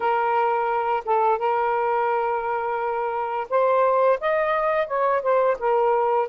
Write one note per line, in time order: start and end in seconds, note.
0.00 1.03 A#4
1.05 1.38 A4
1.38 3.47 A#4
3.49 4.19 C5
4.20 4.87 D#5
4.87 5.22 C#5
5.22 5.57 C5
5.59 6.28 A#4